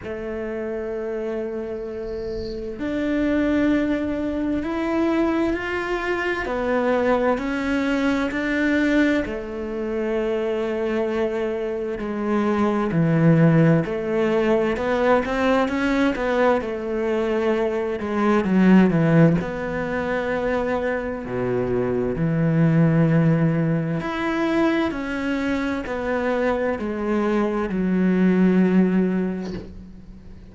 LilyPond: \new Staff \with { instrumentName = "cello" } { \time 4/4 \tempo 4 = 65 a2. d'4~ | d'4 e'4 f'4 b4 | cis'4 d'4 a2~ | a4 gis4 e4 a4 |
b8 c'8 cis'8 b8 a4. gis8 | fis8 e8 b2 b,4 | e2 e'4 cis'4 | b4 gis4 fis2 | }